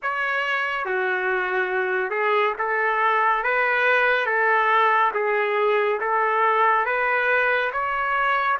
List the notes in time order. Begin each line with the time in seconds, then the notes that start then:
0.02 C#5
0.85 F#4
2.10 G#4
2.58 A4
3.43 B4
4.25 A4
5.14 G#4
6.00 A4
6.85 B4
7.72 C#5